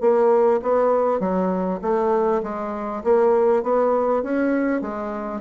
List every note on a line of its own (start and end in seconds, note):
0.00 0.60 A#3
0.62 1.19 B3
1.19 1.79 F#3
1.81 2.41 A3
2.42 3.02 G#3
3.03 3.63 A#3
3.63 4.23 B3
4.23 4.81 C#4
4.81 5.41 G#3